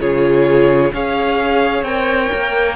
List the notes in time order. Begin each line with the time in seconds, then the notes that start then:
0.00 C#3 F4 G#4 C#5
0.93 C#4 G#4 C#5 F5
1.83 C4 A#4 G5
2.34 A#3